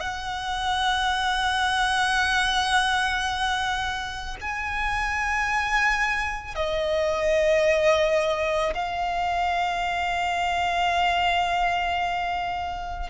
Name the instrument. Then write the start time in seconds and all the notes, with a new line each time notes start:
violin
0.00 F#5
4.41 G#5
6.56 D#5
8.74 F5